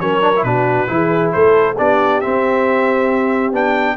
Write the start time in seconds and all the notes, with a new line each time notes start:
0.00 F#3 C#4 A#4 C#5
0.22 D4
0.36 E4
0.43 B2 D4 F#4 B4
0.87 E3 E4 G#4
1.32 A3 A4 C5
1.76 B3 D4 G4 D5
2.21 C4 E5
3.52 B3 D4 G5